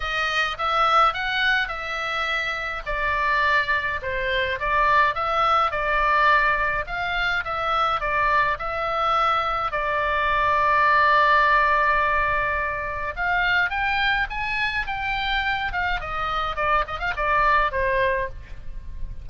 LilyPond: \new Staff \with { instrumentName = "oboe" } { \time 4/4 \tempo 4 = 105 dis''4 e''4 fis''4 e''4~ | e''4 d''2 c''4 | d''4 e''4 d''2 | f''4 e''4 d''4 e''4~ |
e''4 d''2.~ | d''2. f''4 | g''4 gis''4 g''4. f''8 | dis''4 d''8 dis''16 f''16 d''4 c''4 | }